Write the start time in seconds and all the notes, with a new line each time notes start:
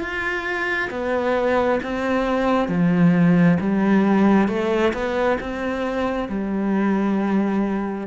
0.00 F4
0.91 B3
1.83 C4
2.68 F3
3.60 G3
4.49 A3
4.94 B3
5.41 C4
6.28 G3